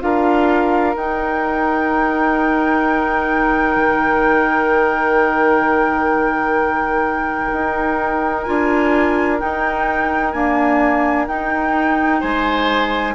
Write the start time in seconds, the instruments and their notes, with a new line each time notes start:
0.00 bassoon D4, clarinet F4, oboe A#4, flute F5
0.95 bassoon D#4, clarinet D#4, flute G5
3.75 bassoon D#3
7.52 bassoon D#4
8.43 bassoon D4, clarinet F4, flute G#5
9.38 clarinet D#4, bassoon D#4, flute G5
10.31 clarinet A#3, bassoon D4, flute G#5
11.27 bassoon D#4, clarinet D#4, flute G5
12.20 bassoon G#3, oboe C5, flute G#5